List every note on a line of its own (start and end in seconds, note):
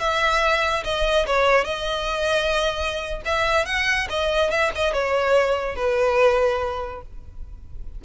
0.00 0.84 E5
0.84 1.26 D#5
1.27 1.65 C#5
1.65 3.22 D#5
3.26 3.66 E5
3.66 4.08 F#5
4.10 4.51 D#5
4.51 4.72 E5
4.76 4.94 D#5
4.94 5.76 C#5
5.76 7.02 B4